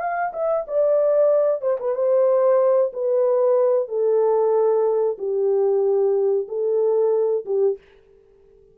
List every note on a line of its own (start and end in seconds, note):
0.00 0.32 F5
0.33 0.66 E5
0.68 1.62 D5
1.62 1.78 C5
1.80 1.95 B4
1.95 2.92 C5
2.93 3.89 B4
3.89 5.18 A4
5.18 6.48 G4
6.48 7.45 A4
7.46 7.78 G4